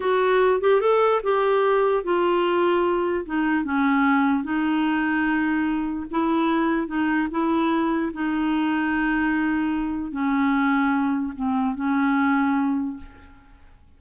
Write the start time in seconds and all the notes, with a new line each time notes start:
0.00 F#4
0.60 G4
0.81 A4
1.23 G4
2.03 F4
3.25 D#4
3.64 C#4
4.43 D#4
6.10 E4
6.87 D#4
7.30 E4
8.13 D#4
10.11 C#4
11.35 C4
11.75 C#4